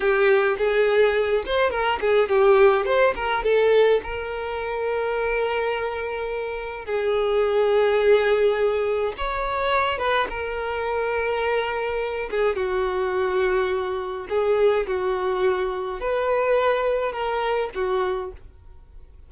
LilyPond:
\new Staff \with { instrumentName = "violin" } { \time 4/4 \tempo 4 = 105 g'4 gis'4. c''8 ais'8 gis'8 | g'4 c''8 ais'8 a'4 ais'4~ | ais'1 | gis'1 |
cis''4. b'8 ais'2~ | ais'4. gis'8 fis'2~ | fis'4 gis'4 fis'2 | b'2 ais'4 fis'4 | }